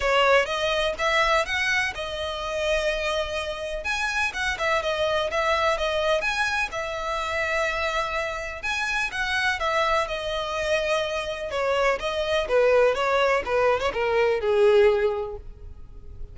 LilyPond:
\new Staff \with { instrumentName = "violin" } { \time 4/4 \tempo 4 = 125 cis''4 dis''4 e''4 fis''4 | dis''1 | gis''4 fis''8 e''8 dis''4 e''4 | dis''4 gis''4 e''2~ |
e''2 gis''4 fis''4 | e''4 dis''2. | cis''4 dis''4 b'4 cis''4 | b'8. cis''16 ais'4 gis'2 | }